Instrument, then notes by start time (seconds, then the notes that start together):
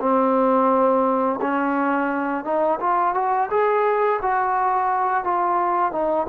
trombone
0.00 C4
1.41 C#4
2.44 D#4
2.80 F4
3.15 F#4
3.50 G#4
4.22 F#4
5.24 F4
5.92 D#4